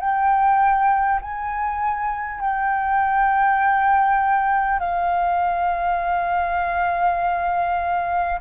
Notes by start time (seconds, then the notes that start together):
0.00 G5
1.22 G#5
2.41 G5
4.79 F5